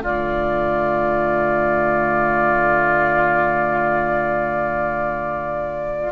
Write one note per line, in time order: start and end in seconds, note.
0.00 6.11 D3
0.00 6.10 A3
0.00 6.13 F4
0.00 6.13 D5